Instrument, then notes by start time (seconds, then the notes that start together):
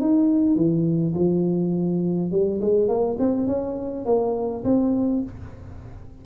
tuba
0.00 D#4
0.56 E3
1.15 F3
2.31 G3
2.61 G#3
2.88 A#3
3.19 C4
3.47 C#4
4.05 A#3
4.64 C4